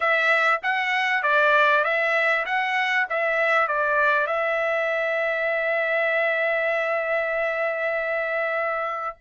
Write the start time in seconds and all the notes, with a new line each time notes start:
0.00 E5
0.62 F#5
1.22 D5
1.84 E5
2.45 F#5
3.09 E5
3.67 D5
4.26 E5